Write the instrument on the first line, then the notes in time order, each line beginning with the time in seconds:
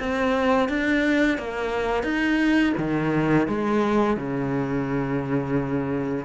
cello
0.00 C4
0.69 D4
1.39 A#3
2.04 D#4
2.78 D#3
3.48 G#3
4.17 C#3